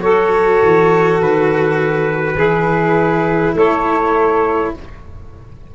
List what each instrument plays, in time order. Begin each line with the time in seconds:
0.00 tuba F#3, cello F#4, saxophone A4, trumpet C#5
0.62 tuba E3
1.20 tuba D#3, trumpet B4
2.36 tuba E3, cello E4, saxophone G#4
3.55 tuba A3, saxophone A4, trumpet C#5